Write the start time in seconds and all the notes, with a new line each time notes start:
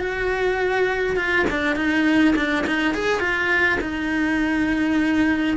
0.00 F#4
1.16 F4
1.50 D4
1.76 D#4
2.36 D4
2.67 D#4
2.94 G#4
3.20 F4
3.81 D#4